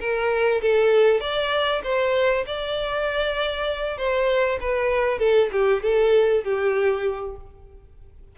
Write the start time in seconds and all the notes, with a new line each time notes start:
0.00 A#4
0.62 A4
1.20 D5
1.83 C5
2.47 D5
3.98 C5
4.61 B4
5.19 A4
5.52 G4
5.83 A4
6.44 G4